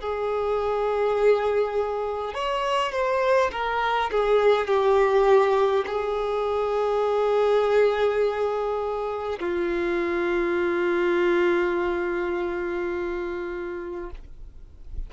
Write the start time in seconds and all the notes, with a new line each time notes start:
0.00 G#4
2.34 C#5
2.91 C5
3.51 A#4
4.11 G#4
4.67 G4
5.86 G#4
9.40 F4